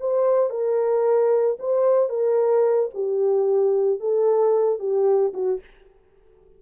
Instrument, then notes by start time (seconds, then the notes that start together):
horn
0.00 C5
0.50 A#4
1.59 C5
2.09 A#4
2.94 G4
4.00 A4
4.79 G4
5.34 F#4